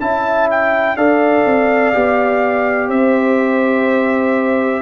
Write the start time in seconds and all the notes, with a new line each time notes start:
0.00 C#4 E4 E5 A5
0.50 G5
0.96 D4 A4 D5 F5
1.45 C4
1.93 B3 G4
2.88 C4 C5 E5